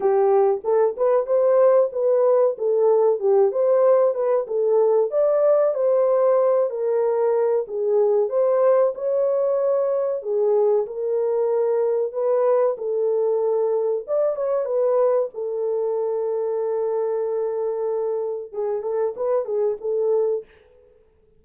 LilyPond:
\new Staff \with { instrumentName = "horn" } { \time 4/4 \tempo 4 = 94 g'4 a'8 b'8 c''4 b'4 | a'4 g'8 c''4 b'8 a'4 | d''4 c''4. ais'4. | gis'4 c''4 cis''2 |
gis'4 ais'2 b'4 | a'2 d''8 cis''8 b'4 | a'1~ | a'4 gis'8 a'8 b'8 gis'8 a'4 | }